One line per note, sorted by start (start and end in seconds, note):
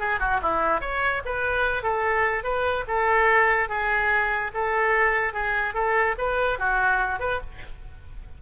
0.00 0.20 G#4
0.20 0.41 F#4
0.42 0.81 E4
0.81 1.22 C#5
1.26 1.83 B4
1.83 2.44 A4
2.44 2.85 B4
2.88 3.69 A4
3.69 4.51 G#4
4.54 5.34 A4
5.34 5.75 G#4
5.75 6.16 A4
6.18 6.59 B4
6.59 7.20 F#4
7.20 7.41 B4